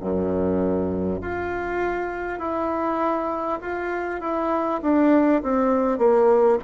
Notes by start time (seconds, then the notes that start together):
0.00 F#2
1.21 F4
2.39 E4
3.61 F4
4.21 E4
4.82 D4
5.42 C4
5.98 A#3